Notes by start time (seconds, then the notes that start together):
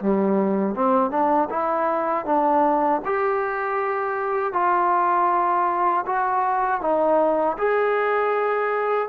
0.00 G3
0.75 C4
1.11 D4
1.50 E4
2.25 D4
3.05 G4
4.53 F4
6.06 F#4
6.81 D#4
7.58 G#4